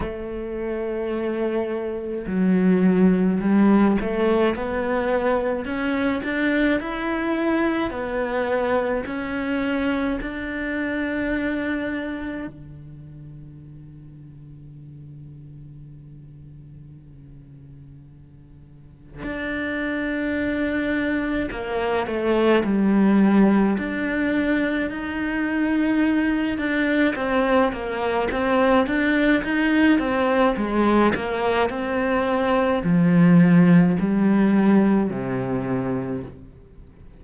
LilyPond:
\new Staff \with { instrumentName = "cello" } { \time 4/4 \tempo 4 = 53 a2 fis4 g8 a8 | b4 cis'8 d'8 e'4 b4 | cis'4 d'2 d4~ | d1~ |
d4 d'2 ais8 a8 | g4 d'4 dis'4. d'8 | c'8 ais8 c'8 d'8 dis'8 c'8 gis8 ais8 | c'4 f4 g4 c4 | }